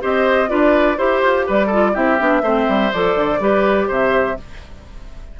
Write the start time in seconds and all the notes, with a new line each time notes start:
0.00 C4 G4 C5 D#5
0.48 D4 F4 B4 D5
0.97 E4 G4 C5
1.22 F4
1.47 G3 B4 D5
1.66 F4 A4
1.93 C4 E4 G4 E5
2.18 B3 D4
2.42 A3 C4 C5
2.68 G3
2.92 F3 A4 D5
3.15 D3
3.39 G3 G4 B4
3.87 C3 C5 E5